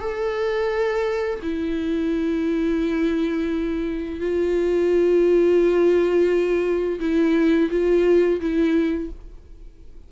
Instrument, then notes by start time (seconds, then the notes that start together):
viola
0.00 A4
1.42 E4
4.20 F4
7.00 E4
7.70 F4
8.40 E4